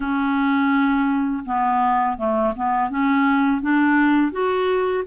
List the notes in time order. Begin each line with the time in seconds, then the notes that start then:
0.00 C#4
1.45 B3
2.17 A3
2.56 B3
2.89 C#4
3.61 D4
4.31 F#4